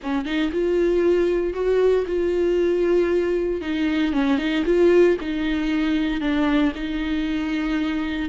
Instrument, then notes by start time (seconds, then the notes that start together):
viola
0.03 C#4
0.25 D#4
0.52 F4
1.53 F#4
2.06 F4
3.61 D#4
4.12 C#4
4.38 D#4
4.65 F4
5.21 D#4
6.20 D4
6.75 D#4